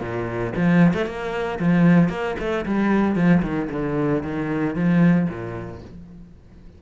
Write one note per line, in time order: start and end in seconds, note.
0.00 0.53 A#2
0.56 0.93 F3
0.93 1.06 A3
1.06 1.59 A#3
1.59 2.09 F3
2.09 2.35 A#3
2.39 2.65 A3
2.66 3.16 G3
3.16 3.42 F3
3.42 3.68 D#3
3.70 4.22 D3
4.22 4.75 D#3
4.75 5.28 F3
5.29 5.82 A#2